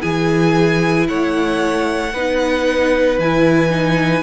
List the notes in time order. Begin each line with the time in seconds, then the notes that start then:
0.00 E3 E4 G#4 G#5
1.08 A3 C#5 F#5
2.13 B3 D#4 B4
3.19 E3 E4 G#5
3.70 D#4